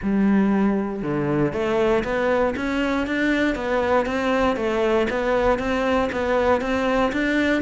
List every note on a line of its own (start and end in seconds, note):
0.02 1.02 G3
1.02 1.53 D3
1.53 2.03 A3
2.03 2.54 B3
2.56 3.06 C#4
3.06 3.55 D4
3.55 4.05 B3
4.05 4.56 C4
4.56 5.07 A3
5.10 5.58 B3
5.58 6.09 C4
6.11 6.61 B3
6.61 7.12 C4
7.12 7.62 D4